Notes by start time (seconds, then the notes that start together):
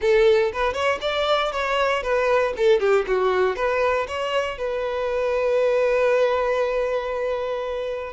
0.01 A4
0.52 B4
0.73 C#5
1.01 D5
1.51 C#5
2.02 B4
2.56 A4
2.79 G4
3.07 F#4
3.56 B4
4.07 C#5
4.58 B4